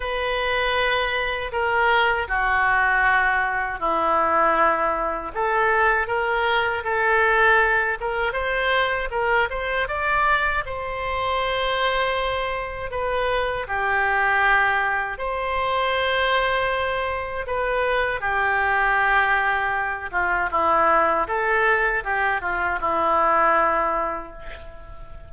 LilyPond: \new Staff \with { instrumentName = "oboe" } { \time 4/4 \tempo 4 = 79 b'2 ais'4 fis'4~ | fis'4 e'2 a'4 | ais'4 a'4. ais'8 c''4 | ais'8 c''8 d''4 c''2~ |
c''4 b'4 g'2 | c''2. b'4 | g'2~ g'8 f'8 e'4 | a'4 g'8 f'8 e'2 | }